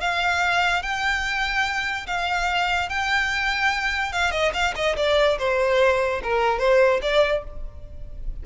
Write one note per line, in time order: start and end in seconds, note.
0.00 0.82 F5
0.82 2.06 G5
2.06 2.89 F5
2.89 4.12 G5
4.12 4.31 F5
4.31 4.52 D#5
4.53 4.74 F5
4.75 4.96 D#5
4.96 5.38 D5
5.38 6.21 C5
6.23 6.58 A#4
6.58 7.00 C5
7.02 7.43 D5